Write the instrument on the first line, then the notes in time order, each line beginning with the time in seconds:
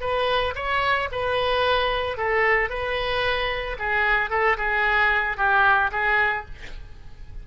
oboe
0.00 B4
0.55 C#5
1.11 B4
2.17 A4
2.69 B4
3.78 G#4
4.30 A4
4.57 G#4
5.37 G4
5.91 G#4